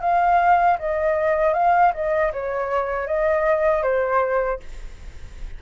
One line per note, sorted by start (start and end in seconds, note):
0.00 0.77 F5
0.78 1.53 D#5
1.53 1.92 F5
1.93 2.31 D#5
2.33 3.06 C#5
3.06 3.82 D#5
3.82 4.59 C5